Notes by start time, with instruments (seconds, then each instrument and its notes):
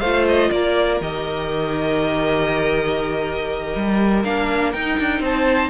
0.00 cello A3, viola F4, violin C5 F5
0.28 violin D#5
0.51 cello A#3, violin A#4 D5
1.00 cello D#3, viola G4, violin D#5
3.75 cello G3
4.24 cello A#3, viola D4, violin F5
4.72 cello D#4, viola D#4, violin G5
4.99 cello D4
5.20 cello C4, violin C5 A5